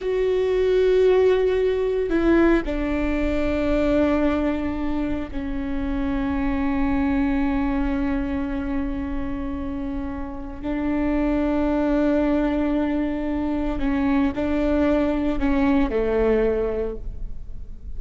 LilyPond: \new Staff \with { instrumentName = "viola" } { \time 4/4 \tempo 4 = 113 fis'1 | e'4 d'2.~ | d'2 cis'2~ | cis'1~ |
cis'1 | d'1~ | d'2 cis'4 d'4~ | d'4 cis'4 a2 | }